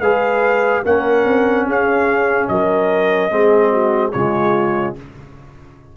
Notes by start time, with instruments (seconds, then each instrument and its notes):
0.00 tuba G#3, trombone G#4, horn B4, trumpet F5
0.85 tuba A#3, trombone C#4, horn A#4, trumpet F#5
1.25 tuba C4
1.66 tuba C#4, horn G#4, trumpet F5
2.48 tuba F#3, horn A#4, trumpet D#5
3.31 tuba G#3, trombone C4, horn G#4
3.71 horn F#4
4.12 tuba C#3, trombone G#3, horn F4, trumpet C#5